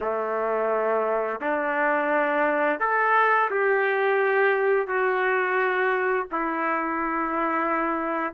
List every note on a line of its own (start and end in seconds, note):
0.00 1.40 A3
1.40 2.79 D4
2.79 3.49 A4
3.50 4.87 G4
4.87 6.26 F#4
6.31 8.34 E4